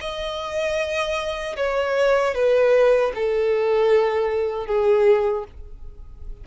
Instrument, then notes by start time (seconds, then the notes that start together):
violin
0.00 D#5
1.56 C#5
2.34 B4
3.15 A4
4.66 G#4